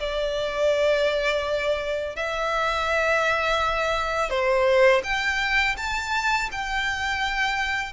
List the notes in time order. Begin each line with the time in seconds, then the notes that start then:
0.00 D5
2.17 E5
4.30 C5
5.04 G5
5.77 A5
6.52 G5